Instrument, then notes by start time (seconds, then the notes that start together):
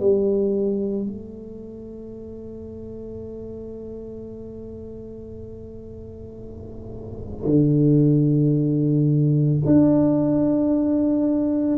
tuba
0.00 G3
1.07 A3
7.46 D3
9.66 D4